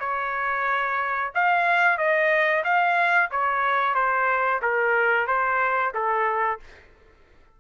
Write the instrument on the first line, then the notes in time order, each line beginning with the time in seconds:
trumpet
0.00 C#5
1.35 F5
1.98 D#5
2.65 F5
3.31 C#5
3.95 C5
4.62 A#4
5.27 C5
5.94 A4